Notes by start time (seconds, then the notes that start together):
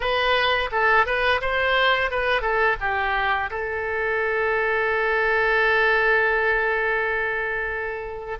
0.00 B4
0.71 A4
1.06 B4
1.41 C5
2.11 B4
2.41 A4
2.80 G4
3.50 A4